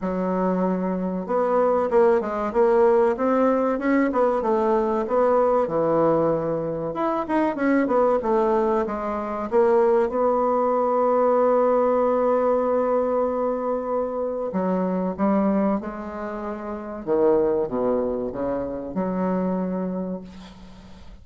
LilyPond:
\new Staff \with { instrumentName = "bassoon" } { \time 4/4 \tempo 4 = 95 fis2 b4 ais8 gis8 | ais4 c'4 cis'8 b8 a4 | b4 e2 e'8 dis'8 | cis'8 b8 a4 gis4 ais4 |
b1~ | b2. fis4 | g4 gis2 dis4 | b,4 cis4 fis2 | }